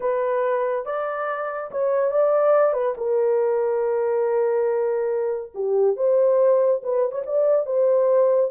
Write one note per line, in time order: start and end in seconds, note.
0.00 0.85 B4
0.85 1.70 D5
1.71 2.11 C#5
2.11 2.73 D5
2.73 2.94 B4
2.97 5.52 A#4
5.54 5.96 G4
5.96 6.81 C5
6.83 7.11 B4
7.11 7.22 C#5
7.26 7.66 D5
7.66 8.51 C5